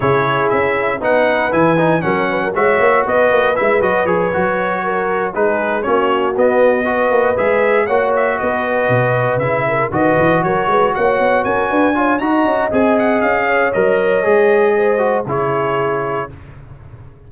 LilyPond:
<<
  \new Staff \with { instrumentName = "trumpet" } { \time 4/4 \tempo 4 = 118 cis''4 e''4 fis''4 gis''4 | fis''4 e''4 dis''4 e''8 dis''8 | cis''2~ cis''8 b'4 cis''8~ | cis''8 dis''2 e''4 fis''8 |
e''8 dis''2 e''4 dis''8~ | dis''8 cis''4 fis''4 gis''4. | ais''4 gis''8 fis''8 f''4 dis''4~ | dis''2 cis''2 | }
  \new Staff \with { instrumentName = "horn" } { \time 4/4 gis'2 b'2 | ais'8 b'16 ais'16 cis''4 b'2~ | b'4. ais'4 gis'4 fis'8~ | fis'4. b'2 cis''8~ |
cis''8 b'2~ b'8 ais'8 b'8~ | b'8 ais'8 b'8 cis''4 ais'8 b'8 cis''8 | dis''2~ dis''8 cis''4.~ | cis''4 c''4 gis'2 | }
  \new Staff \with { instrumentName = "trombone" } { \time 4/4 e'2 dis'4 e'8 dis'8 | cis'4 fis'2 e'8 fis'8 | gis'8 fis'2 dis'4 cis'8~ | cis'8 b4 fis'4 gis'4 fis'8~ |
fis'2~ fis'8 e'4 fis'8~ | fis'2.~ fis'8 f'8 | fis'4 gis'2 ais'4 | gis'4. fis'8 e'2 | }
  \new Staff \with { instrumentName = "tuba" } { \time 4/4 cis4 cis'4 b4 e4 | fis4 gis8 ais8 b8 ais8 gis8 fis8 | f8 fis2 gis4 ais8~ | ais8 b4. ais8 gis4 ais8~ |
ais8 b4 b,4 cis4 dis8 | e8 fis8 gis8 ais8 b8 cis'8 d'4 | dis'8 cis'8 c'4 cis'4 fis4 | gis2 cis2 | }
>>